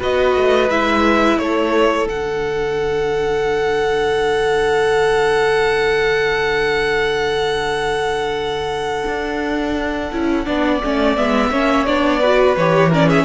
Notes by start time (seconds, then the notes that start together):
0.00 B3 F#4 B4 D#5
0.36 A3
0.70 G#3 E4 E5
1.39 A3 A4 C#5
2.07 D3 D4 F#5
9.07 D4
10.12 C#4 E4
10.46 B3 D4 D5
10.84 A3 C#4
11.17 G#3 B3 E5
11.50 A#3 C#4 C#5
11.86 B3 D4 D5
12.20 F#4 B4
12.57 E3 G4 C#5
12.90 C#4 A#4 D5
13.07 G#4 E5